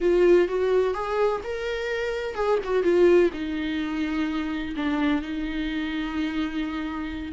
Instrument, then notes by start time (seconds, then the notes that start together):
viola
0.01 F4
0.47 F#4
0.93 G#4
1.43 A#4
2.35 G#4
2.63 F#4
2.83 F4
3.33 D#4
4.76 D4
5.22 D#4